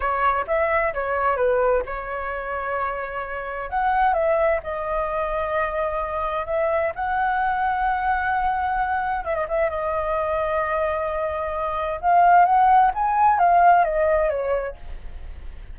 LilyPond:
\new Staff \with { instrumentName = "flute" } { \time 4/4 \tempo 4 = 130 cis''4 e''4 cis''4 b'4 | cis''1 | fis''4 e''4 dis''2~ | dis''2 e''4 fis''4~ |
fis''1 | e''16 dis''16 e''8 dis''2.~ | dis''2 f''4 fis''4 | gis''4 f''4 dis''4 cis''4 | }